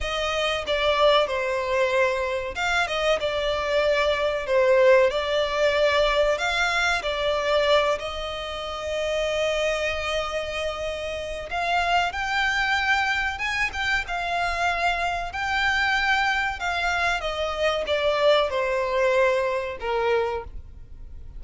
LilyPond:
\new Staff \with { instrumentName = "violin" } { \time 4/4 \tempo 4 = 94 dis''4 d''4 c''2 | f''8 dis''8 d''2 c''4 | d''2 f''4 d''4~ | d''8 dis''2.~ dis''8~ |
dis''2 f''4 g''4~ | g''4 gis''8 g''8 f''2 | g''2 f''4 dis''4 | d''4 c''2 ais'4 | }